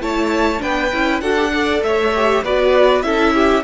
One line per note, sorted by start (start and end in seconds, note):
0.00 0.61 A3
0.00 0.58 E4
0.00 0.61 C#5
0.00 0.61 A5
0.58 0.92 B3
0.58 0.89 D4
0.58 1.21 B4
0.58 1.20 G5
0.92 1.21 C#4
0.92 1.22 E4
1.20 1.81 D4
1.20 1.36 F#4
1.20 1.52 A4
1.20 1.81 F#5
1.36 1.51 G4
1.52 2.13 A4
1.52 1.84 D5
1.82 2.42 A3
1.82 2.43 C#5
1.82 2.43 E5
2.15 2.45 G4
2.43 3.03 B3
2.43 3.03 F#4
2.43 3.04 B4
2.43 3.02 D5
3.02 3.64 C#4
3.02 3.63 E4
3.02 3.34 A4
3.02 3.62 E5
3.34 3.64 G4